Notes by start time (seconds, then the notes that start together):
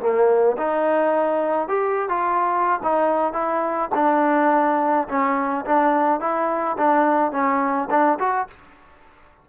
0.00 A#3
0.57 D#4
1.68 G4
2.09 F4
2.83 D#4
3.33 E4
3.94 D4
5.08 C#4
5.66 D4
6.20 E4
6.78 D4
7.32 C#4
7.90 D4
8.19 F#4